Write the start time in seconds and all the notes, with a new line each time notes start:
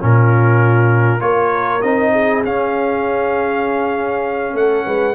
0.00 A#2 C#4 F4 A#4
1.20 A#3 F4 A#4 C#5
1.82 C4 D#4 D#5
2.13 G#4
2.44 C#4 F5
4.54 A3 A4 F#5
4.86 G#3 B4